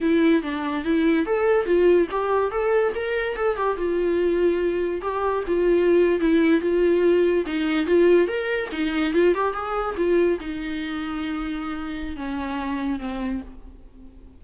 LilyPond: \new Staff \with { instrumentName = "viola" } { \time 4/4 \tempo 4 = 143 e'4 d'4 e'4 a'4 | f'4 g'4 a'4 ais'4 | a'8 g'8 f'2. | g'4 f'4.~ f'16 e'4 f'16~ |
f'4.~ f'16 dis'4 f'4 ais'16~ | ais'8. dis'4 f'8 g'8 gis'4 f'16~ | f'8. dis'2.~ dis'16~ | dis'4 cis'2 c'4 | }